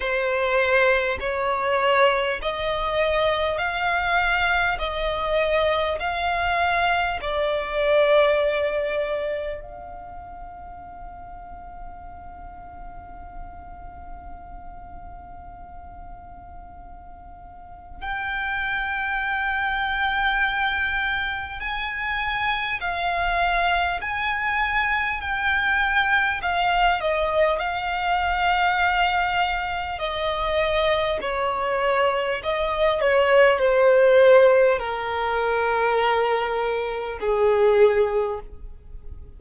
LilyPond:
\new Staff \with { instrumentName = "violin" } { \time 4/4 \tempo 4 = 50 c''4 cis''4 dis''4 f''4 | dis''4 f''4 d''2 | f''1~ | f''2. g''4~ |
g''2 gis''4 f''4 | gis''4 g''4 f''8 dis''8 f''4~ | f''4 dis''4 cis''4 dis''8 cis''8 | c''4 ais'2 gis'4 | }